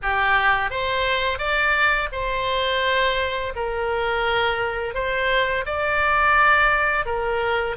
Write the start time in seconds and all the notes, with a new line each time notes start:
0.02 G4
0.70 C5
1.38 D5
2.12 C5
3.55 A#4
4.94 C5
5.65 D5
7.05 A#4